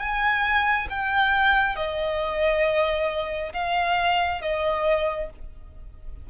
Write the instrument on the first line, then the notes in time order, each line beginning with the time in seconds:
violin
0.00 G#5
0.90 G5
1.76 D#5
3.54 F5
4.42 D#5